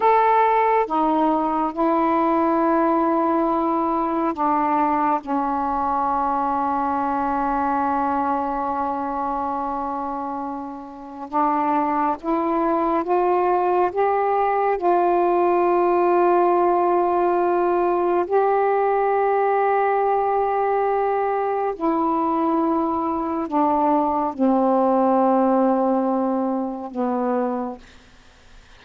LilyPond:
\new Staff \with { instrumentName = "saxophone" } { \time 4/4 \tempo 4 = 69 a'4 dis'4 e'2~ | e'4 d'4 cis'2~ | cis'1~ | cis'4 d'4 e'4 f'4 |
g'4 f'2.~ | f'4 g'2.~ | g'4 e'2 d'4 | c'2. b4 | }